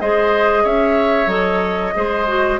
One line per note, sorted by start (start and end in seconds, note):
0.00 0.64 G#3
0.00 1.27 G#4
0.00 0.63 C5
0.00 0.65 D#5
0.63 1.26 C#4
0.63 1.94 C#5
0.63 1.29 E5
1.26 1.92 F#3
1.26 1.92 A4
1.26 2.59 D#5
1.94 2.59 G#3
1.94 2.26 G#4
1.94 2.59 C5
2.27 2.59 F#4